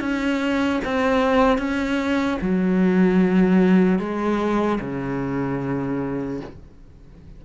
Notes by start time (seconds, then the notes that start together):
0.00 C#4
0.84 C4
1.58 C#4
2.41 F#3
3.99 G#3
4.80 C#3